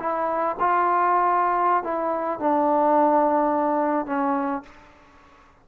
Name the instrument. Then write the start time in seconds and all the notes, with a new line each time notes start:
trombone
0.00 E4
0.60 F4
1.84 E4
2.40 D4
4.07 C#4